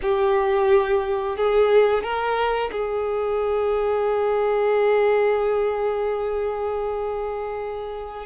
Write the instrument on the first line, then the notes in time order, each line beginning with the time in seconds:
violin
0.02 G4
1.36 G#4
2.03 A#4
2.71 G#4